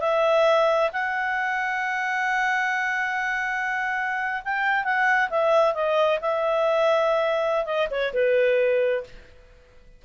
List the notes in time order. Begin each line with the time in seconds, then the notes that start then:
0.00 E5
0.93 F#5
4.45 G5
4.84 F#5
5.29 E5
5.74 D#5
6.21 E5
7.65 D#5
7.90 C#5
8.13 B4